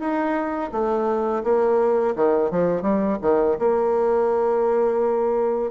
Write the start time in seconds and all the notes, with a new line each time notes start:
0.00 D#4
0.72 A3
1.44 A#3
2.16 D#3
2.51 F3
2.82 G3
3.22 D#3
3.59 A#3